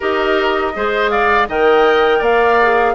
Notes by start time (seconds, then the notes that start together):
0.00 D#4 G4 A#4 D#5
0.75 G#3 G#4 C5
1.10 D5 F5
1.48 D#3 A#4 D#5 G5
2.18 A#3 D5 F5
2.61 G#4